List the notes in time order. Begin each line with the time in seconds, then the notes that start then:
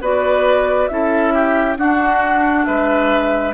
0.00 B3 F#4 B4 D5
0.87 C#4 E4 A4 E5
1.33 G4
1.76 D4 F#4 F#5
2.65 G#3 B4 E5